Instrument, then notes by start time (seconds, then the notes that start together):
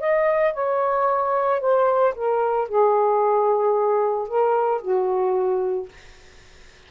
saxophone
0.00 D#5
0.53 C#5
1.60 C5
2.15 A#4
2.68 G#4
4.28 A#4
4.81 F#4